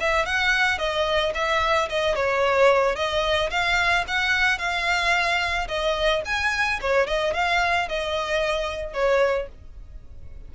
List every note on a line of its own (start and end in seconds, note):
0.00 0.26 E5
0.26 0.78 F#5
0.78 1.33 D#5
1.34 1.89 E5
1.89 2.15 D#5
2.15 2.96 C#5
2.96 3.50 D#5
3.50 4.05 F5
4.08 4.58 F#5
4.58 5.68 F5
5.68 6.23 D#5
6.25 6.80 G#5
6.81 7.07 C#5
7.07 7.34 D#5
7.34 7.88 F5
7.88 8.94 D#5
8.94 9.48 C#5